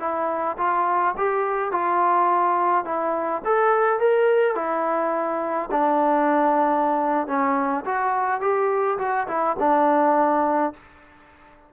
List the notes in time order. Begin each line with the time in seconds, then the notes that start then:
0.00 E4
0.58 F4
1.18 G4
1.72 F4
2.85 E4
3.45 A4
4.00 A#4
4.56 E4
5.72 D4
7.28 C#4
7.86 F#4
8.41 G4
8.99 F#4
9.28 E4
9.59 D4